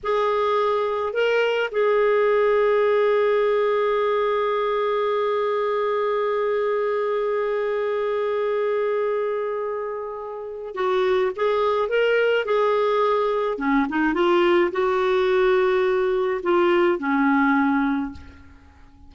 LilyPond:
\new Staff \with { instrumentName = "clarinet" } { \time 4/4 \tempo 4 = 106 gis'2 ais'4 gis'4~ | gis'1~ | gis'1~ | gis'1~ |
gis'2. fis'4 | gis'4 ais'4 gis'2 | cis'8 dis'8 f'4 fis'2~ | fis'4 f'4 cis'2 | }